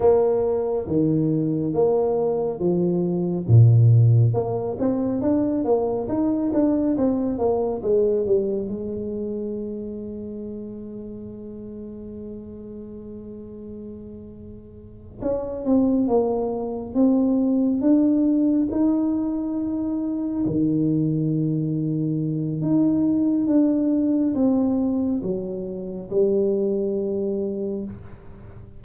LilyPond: \new Staff \with { instrumentName = "tuba" } { \time 4/4 \tempo 4 = 69 ais4 dis4 ais4 f4 | ais,4 ais8 c'8 d'8 ais8 dis'8 d'8 | c'8 ais8 gis8 g8 gis2~ | gis1~ |
gis4. cis'8 c'8 ais4 c'8~ | c'8 d'4 dis'2 dis8~ | dis2 dis'4 d'4 | c'4 fis4 g2 | }